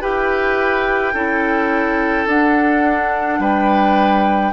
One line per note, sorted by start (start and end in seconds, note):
0.00 1.14 E4
0.00 1.13 G4
0.00 1.13 B4
0.00 2.28 G5
1.13 2.26 C#4
1.13 2.27 E4
1.13 3.39 A4
2.26 3.39 D4
2.26 4.53 D4
2.26 3.41 F#5
3.39 4.52 G3
3.39 4.53 B4
3.39 4.53 G5